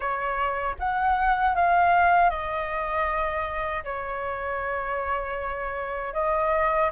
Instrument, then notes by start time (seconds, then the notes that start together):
flute
0.00 C#5
0.79 F#5
1.55 F5
2.29 D#5
3.84 C#5
6.13 D#5